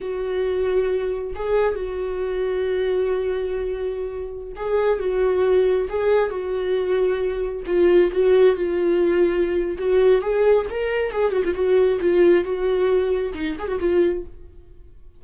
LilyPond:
\new Staff \with { instrumentName = "viola" } { \time 4/4 \tempo 4 = 135 fis'2. gis'4 | fis'1~ | fis'2~ fis'16 gis'4 fis'8.~ | fis'4~ fis'16 gis'4 fis'4.~ fis'16~ |
fis'4~ fis'16 f'4 fis'4 f'8.~ | f'2 fis'4 gis'4 | ais'4 gis'8 fis'16 f'16 fis'4 f'4 | fis'2 dis'8 gis'16 fis'16 f'4 | }